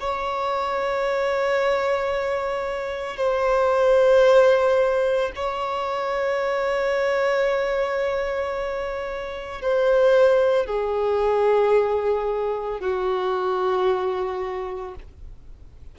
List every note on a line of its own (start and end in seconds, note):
0.00 3.17 C#5
3.17 5.31 C5
5.36 9.61 C#5
9.61 10.66 C5
10.66 12.80 G#4
12.80 14.95 F#4